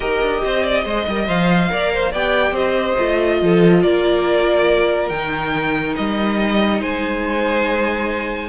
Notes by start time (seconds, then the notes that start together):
0.00 D#4 G4 A#4 D#5
0.20 D4
0.44 C4 C5
0.62 D5
0.84 G#3 C5 D#5
1.07 G3 A#4
1.26 F3 C5 F5
1.69 A#3 A#4 D5
1.93 C5
2.11 B3 G4 D5 G5
2.51 C4 C5 D#5
2.98 A3 F4
3.41 F3 A4
3.82 A#3 A#4 D5
5.09 D#3 D#4 G5
5.96 G3 D#5
6.80 G#3 C5 G#5